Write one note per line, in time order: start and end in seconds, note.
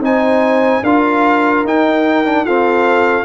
0.00 0.81 C4
0.00 0.82 D#4
0.00 0.84 C5
0.00 0.84 G#5
0.83 1.64 D4
0.83 1.66 F4
0.83 2.45 A#4
0.83 1.65 F5
1.64 2.45 D#4
1.64 2.25 D#4
1.64 2.45 G5
2.25 2.45 D4
2.45 3.24 C4
2.45 3.24 F4
2.45 3.24 A4
2.45 3.24 F5